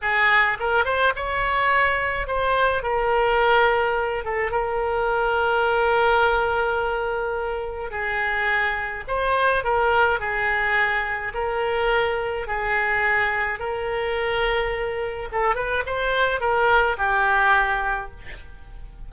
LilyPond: \new Staff \with { instrumentName = "oboe" } { \time 4/4 \tempo 4 = 106 gis'4 ais'8 c''8 cis''2 | c''4 ais'2~ ais'8 a'8 | ais'1~ | ais'2 gis'2 |
c''4 ais'4 gis'2 | ais'2 gis'2 | ais'2. a'8 b'8 | c''4 ais'4 g'2 | }